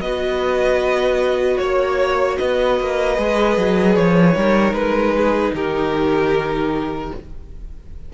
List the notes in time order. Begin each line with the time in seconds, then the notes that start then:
0.00 B3 F#4 B4 D#5
1.57 A#3 C#5
2.37 B3 B4 D#5
2.80 A#3
3.15 G#3 G#4
3.57 F#3
3.95 F3 C#5
4.35 G3 D#4 A#4
4.72 G#3 B4
5.17 G#4
5.53 D#3 G4 A#4